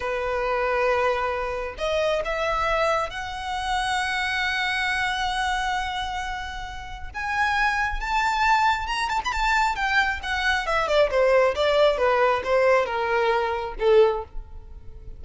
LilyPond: \new Staff \with { instrumentName = "violin" } { \time 4/4 \tempo 4 = 135 b'1 | dis''4 e''2 fis''4~ | fis''1~ | fis''1 |
gis''2 a''2 | ais''8 a''16 b''16 a''4 g''4 fis''4 | e''8 d''8 c''4 d''4 b'4 | c''4 ais'2 a'4 | }